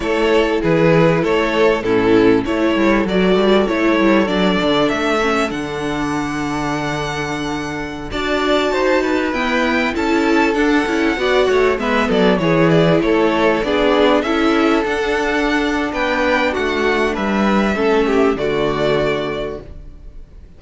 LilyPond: <<
  \new Staff \with { instrumentName = "violin" } { \time 4/4 \tempo 4 = 98 cis''4 b'4 cis''4 a'4 | cis''4 d''4 cis''4 d''4 | e''4 fis''2.~ | fis''4~ fis''16 a''2 g''8.~ |
g''16 a''4 fis''2 e''8 d''16~ | d''16 cis''8 d''8 cis''4 d''4 e''8.~ | e''16 fis''4.~ fis''16 g''4 fis''4 | e''2 d''2 | }
  \new Staff \with { instrumentName = "violin" } { \time 4/4 a'4 gis'4 a'4 e'4 | a'1~ | a'1~ | a'4~ a'16 d''4 c''8 b'4~ b'16~ |
b'16 a'2 d''8 cis''8 b'8 a'16~ | a'16 gis'4 a'4 gis'4 a'8.~ | a'2 b'4 fis'4 | b'4 a'8 g'8 fis'2 | }
  \new Staff \with { instrumentName = "viola" } { \time 4/4 e'2. cis'4 | e'4 fis'4 e'4 d'4~ | d'8 cis'8 d'2.~ | d'4~ d'16 fis'2 b8.~ |
b16 e'4 d'8 e'8 fis'4 b8.~ | b16 e'2 d'4 e'8.~ | e'16 d'2.~ d'8.~ | d'4 cis'4 a2 | }
  \new Staff \with { instrumentName = "cello" } { \time 4/4 a4 e4 a4 a,4 | a8 g8 fis8 g8 a8 g8 fis8 d8 | a4 d2.~ | d4~ d16 d'4 dis'4 e'8.~ |
e'16 cis'4 d'8 cis'8 b8 a8 gis8 fis16~ | fis16 e4 a4 b4 cis'8.~ | cis'16 d'4.~ d'16 b4 a4 | g4 a4 d2 | }
>>